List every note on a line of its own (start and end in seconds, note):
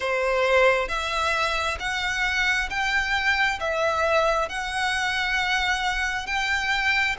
0.00 0.88 C5
0.88 1.77 E5
1.79 2.69 F#5
2.69 3.59 G5
3.60 4.48 E5
4.48 6.26 F#5
6.26 7.16 G5